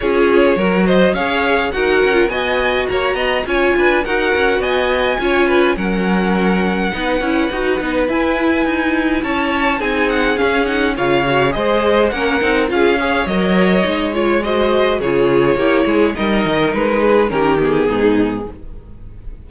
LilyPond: <<
  \new Staff \with { instrumentName = "violin" } { \time 4/4 \tempo 4 = 104 cis''4. dis''8 f''4 fis''4 | gis''4 ais''4 gis''4 fis''4 | gis''2 fis''2~ | fis''2 gis''2 |
a''4 gis''8 fis''8 f''8 fis''8 f''4 | dis''4 fis''4 f''4 dis''4~ | dis''8 cis''8 dis''4 cis''2 | dis''4 b'4 ais'8 gis'4. | }
  \new Staff \with { instrumentName = "violin" } { \time 4/4 gis'4 ais'8 c''8 cis''4 ais'4 | dis''4 cis''8 dis''8 cis''8 b'8 ais'4 | dis''4 cis''8 b'8 ais'2 | b'1 |
cis''4 gis'2 cis''4 | c''4 ais'4 gis'8 cis''4.~ | cis''4 c''4 gis'4 g'8 gis'8 | ais'4. gis'8 g'4 dis'4 | }
  \new Staff \with { instrumentName = "viola" } { \time 4/4 f'4 fis'4 gis'4 fis'8. f'16 | fis'2 f'4 fis'4~ | fis'4 f'4 cis'2 | dis'8 e'8 fis'8 dis'8 e'2~ |
e'4 dis'4 cis'8 dis'8 f'8 fis'8 | gis'4 cis'8 dis'8 f'8 gis'8 ais'4 | dis'8 f'8 fis'4 f'4 e'4 | dis'2 cis'8 b4. | }
  \new Staff \with { instrumentName = "cello" } { \time 4/4 cis'4 fis4 cis'4 dis'8 cis'8 | b4 ais8 b8 cis'8 d'8 dis'8 cis'8 | b4 cis'4 fis2 | b8 cis'8 dis'8 b8 e'4 dis'4 |
cis'4 c'4 cis'4 cis4 | gis4 ais8 c'8 cis'4 fis4 | gis2 cis4 ais8 gis8 | g8 dis8 gis4 dis4 gis,4 | }
>>